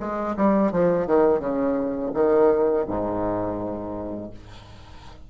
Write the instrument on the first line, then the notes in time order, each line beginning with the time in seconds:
bassoon
0.00 G#3
0.37 G3
0.72 F3
1.07 D#3
1.40 C#3
2.14 D#3
2.87 G#2